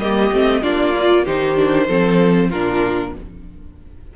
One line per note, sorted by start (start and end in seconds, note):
0.00 0.31 G3
0.00 0.32 A#3
0.00 0.62 G4
0.00 0.63 D#5
0.32 0.63 A3
0.32 0.63 C4
0.62 1.26 A#3
0.62 0.94 D4
0.62 1.25 F4
0.62 1.25 D5
0.96 1.27 F4
1.25 1.89 D#3
1.25 1.57 D#4
1.25 1.87 G4
1.25 2.50 C5
1.57 1.88 D4
1.87 2.51 F3
1.87 2.52 C4
1.87 2.50 A4
2.50 3.15 A#2
2.50 3.16 D4
2.50 3.12 F4
2.50 3.14 A#4